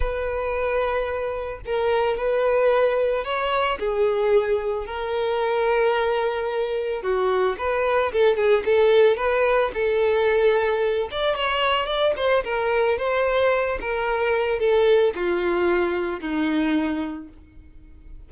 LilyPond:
\new Staff \with { instrumentName = "violin" } { \time 4/4 \tempo 4 = 111 b'2. ais'4 | b'2 cis''4 gis'4~ | gis'4 ais'2.~ | ais'4 fis'4 b'4 a'8 gis'8 |
a'4 b'4 a'2~ | a'8 d''8 cis''4 d''8 c''8 ais'4 | c''4. ais'4. a'4 | f'2 dis'2 | }